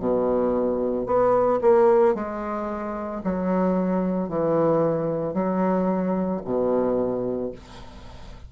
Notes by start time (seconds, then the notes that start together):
0.00 B2
1.07 B3
1.62 A#3
2.15 G#3
3.24 F#3
4.29 E3
5.34 F#3
6.45 B2